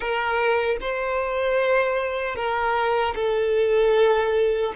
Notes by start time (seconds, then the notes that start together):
0.00 A#4
0.80 C5
2.35 A#4
3.15 A4